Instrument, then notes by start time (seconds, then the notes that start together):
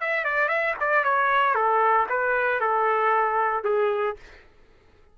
trumpet
0.00 E5
0.24 D5
0.48 E5
0.79 D5
1.04 C#5
1.54 A4
2.09 B4
2.60 A4
3.64 G#4